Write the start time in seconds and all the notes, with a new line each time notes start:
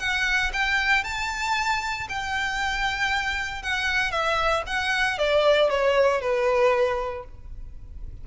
0.00 F#5
0.53 G5
1.04 A5
2.09 G5
3.63 F#5
4.12 E5
4.67 F#5
5.19 D5
5.70 C#5
6.21 B4